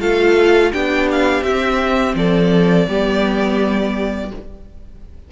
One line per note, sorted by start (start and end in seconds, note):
0.00 0.71 A3
0.00 0.73 F4
0.00 0.72 A4
0.00 0.72 F5
0.72 1.42 B3
0.72 1.44 D4
0.72 2.15 G4
0.72 1.08 G5
1.12 1.43 F5
1.42 2.13 C4
1.42 2.89 C4
1.42 2.15 E5
2.15 2.86 F3
2.15 2.89 A4
2.15 4.31 D5
2.88 4.31 G3
2.88 4.32 B3
2.88 4.31 G4